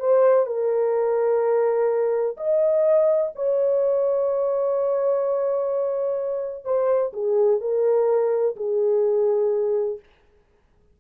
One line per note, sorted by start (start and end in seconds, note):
0.00 0.46 C5
0.46 2.37 A#4
2.37 3.32 D#5
3.35 6.65 C#5
6.65 7.12 C5
7.13 7.61 G#4
7.61 8.56 A#4
8.56 9.99 G#4